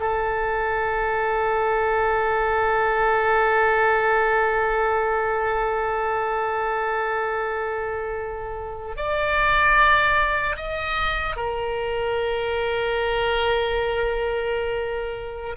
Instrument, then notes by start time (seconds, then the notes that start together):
oboe
0.00 A4
8.96 D5
10.56 D#5
11.36 A#4